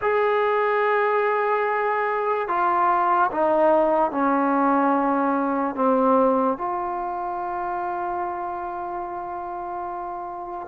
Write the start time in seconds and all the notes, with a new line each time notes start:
0.01 G#4
2.48 F4
3.31 D#4
4.11 C#4
5.75 C4
6.57 F4